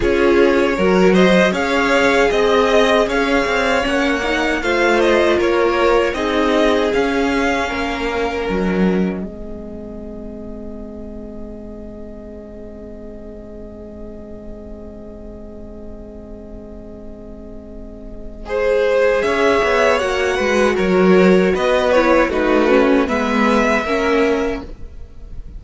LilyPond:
<<
  \new Staff \with { instrumentName = "violin" } { \time 4/4 \tempo 4 = 78 cis''4. dis''8 f''4 dis''4 | f''4 fis''4 f''8 dis''8 cis''4 | dis''4 f''2 dis''4~ | dis''1~ |
dis''1~ | dis''1~ | dis''4 e''4 fis''4 cis''4 | dis''8 cis''8 b'4 e''2 | }
  \new Staff \with { instrumentName = "violin" } { \time 4/4 gis'4 ais'8 c''8 cis''4 dis''4 | cis''2 c''4 ais'4 | gis'2 ais'2 | gis'1~ |
gis'1~ | gis'1 | c''4 cis''4. b'8 ais'4 | b'4 fis'4 b'4 ais'4 | }
  \new Staff \with { instrumentName = "viola" } { \time 4/4 f'4 fis'4 gis'2~ | gis'4 cis'8 dis'8 f'2 | dis'4 cis'2. | c'1~ |
c'1~ | c'1 | gis'2 fis'2~ | fis'8 e'8 dis'8 cis'8 b4 cis'4 | }
  \new Staff \with { instrumentName = "cello" } { \time 4/4 cis'4 fis4 cis'4 c'4 | cis'8 c'8 ais4 a4 ais4 | c'4 cis'4 ais4 fis4 | gis1~ |
gis1~ | gis1~ | gis4 cis'8 b8 ais8 gis8 fis4 | b4 a4 gis4 ais4 | }
>>